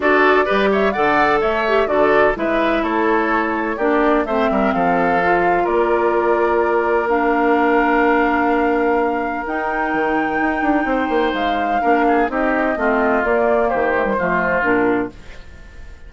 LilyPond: <<
  \new Staff \with { instrumentName = "flute" } { \time 4/4 \tempo 4 = 127 d''4. e''8 fis''4 e''4 | d''4 e''4 cis''2 | d''4 e''4 f''2 | d''2. f''4~ |
f''1 | g''1 | f''2 dis''2 | d''4 c''2 ais'4 | }
  \new Staff \with { instrumentName = "oboe" } { \time 4/4 a'4 b'8 cis''8 d''4 cis''4 | a'4 b'4 a'2 | g'4 c''8 ais'8 a'2 | ais'1~ |
ais'1~ | ais'2. c''4~ | c''4 ais'8 gis'8 g'4 f'4~ | f'4 g'4 f'2 | }
  \new Staff \with { instrumentName = "clarinet" } { \time 4/4 fis'4 g'4 a'4. g'8 | fis'4 e'2. | d'4 c'2 f'4~ | f'2. d'4~ |
d'1 | dis'1~ | dis'4 d'4 dis'4 c'4 | ais4. a16 g16 a4 d'4 | }
  \new Staff \with { instrumentName = "bassoon" } { \time 4/4 d'4 g4 d4 a4 | d4 gis4 a2 | ais4 a8 g8 f2 | ais1~ |
ais1 | dis'4 dis4 dis'8 d'8 c'8 ais8 | gis4 ais4 c'4 a4 | ais4 dis4 f4 ais,4 | }
>>